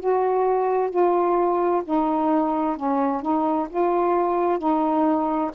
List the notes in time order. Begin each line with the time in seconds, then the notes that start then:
0.00 F#4
0.91 F4
1.85 D#4
2.77 C#4
3.22 D#4
3.70 F4
4.59 D#4